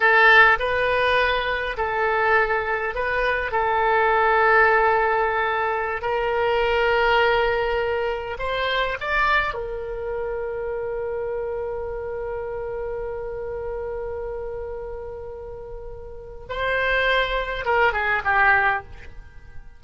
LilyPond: \new Staff \with { instrumentName = "oboe" } { \time 4/4 \tempo 4 = 102 a'4 b'2 a'4~ | a'4 b'4 a'2~ | a'2~ a'16 ais'4.~ ais'16~ | ais'2~ ais'16 c''4 d''8.~ |
d''16 ais'2.~ ais'8.~ | ais'1~ | ais'1 | c''2 ais'8 gis'8 g'4 | }